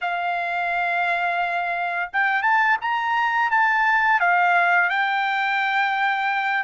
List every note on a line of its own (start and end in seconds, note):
0.01 2.10 F5
2.12 2.42 G5
2.42 2.77 A5
2.81 3.50 A#5
3.50 4.20 A5
4.20 4.89 F5
4.89 6.63 G5